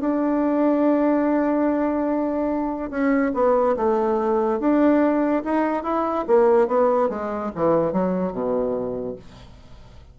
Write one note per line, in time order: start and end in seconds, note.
0.00 2.90 D4
2.90 3.32 C#4
3.34 3.76 B3
3.76 4.59 A3
4.59 5.43 D4
5.44 5.83 D#4
5.83 6.25 E4
6.27 6.67 A#3
6.67 7.09 B3
7.09 7.51 G#3
7.55 7.92 E3
7.92 8.32 F#3
8.32 9.15 B2